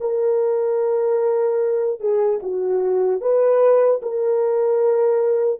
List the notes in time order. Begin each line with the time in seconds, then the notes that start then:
0.00 A#4
2.00 G#4
2.43 F#4
3.21 B4
4.02 A#4